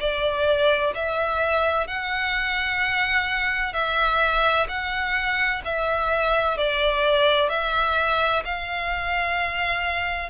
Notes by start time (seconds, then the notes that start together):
0.00 D5
0.95 E5
1.87 F#5
3.73 E5
4.68 F#5
5.65 E5
6.57 D5
7.50 E5
8.45 F5